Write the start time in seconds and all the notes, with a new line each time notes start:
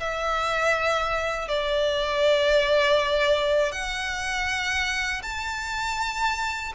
0.00 E5
1.48 D5
3.72 F#5
5.23 A5